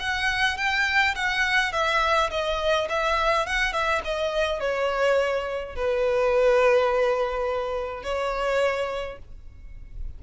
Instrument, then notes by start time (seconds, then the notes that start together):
violin
0.00 F#5
0.58 G5
1.16 F#5
1.73 E5
2.31 D#5
2.90 E5
3.47 F#5
3.73 E5
4.05 D#5
4.60 C#5
5.76 B4
8.03 C#5